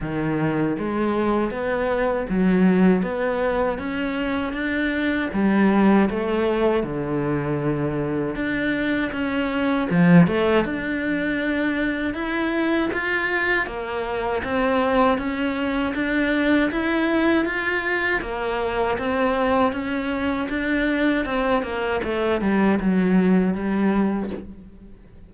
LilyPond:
\new Staff \with { instrumentName = "cello" } { \time 4/4 \tempo 4 = 79 dis4 gis4 b4 fis4 | b4 cis'4 d'4 g4 | a4 d2 d'4 | cis'4 f8 a8 d'2 |
e'4 f'4 ais4 c'4 | cis'4 d'4 e'4 f'4 | ais4 c'4 cis'4 d'4 | c'8 ais8 a8 g8 fis4 g4 | }